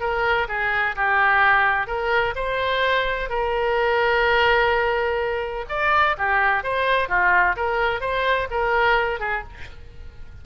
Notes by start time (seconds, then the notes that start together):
0.00 A#4
0.48 G#4
0.96 G4
1.87 A#4
2.35 C5
3.29 A#4
5.69 D5
6.18 G4
6.63 C5
7.08 F4
7.56 A#4
8.00 C5
8.50 A#4
9.19 G#4